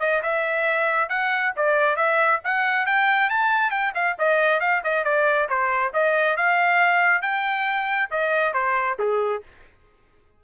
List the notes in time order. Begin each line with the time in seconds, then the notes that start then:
0.00 D#5
0.22 E5
1.09 F#5
1.56 D5
1.96 E5
2.44 F#5
2.86 G5
3.30 A5
3.71 G5
3.94 F5
4.18 D#5
4.60 F5
4.84 D#5
5.04 D5
5.49 C5
5.93 D#5
6.36 F5
7.22 G5
8.10 D#5
8.53 C5
8.99 G#4